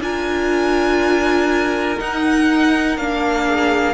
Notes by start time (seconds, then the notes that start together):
0.00 D4 F4 A#4 G#5
1.99 D#4 F#5
2.97 A#3 D4 F5
3.46 G#4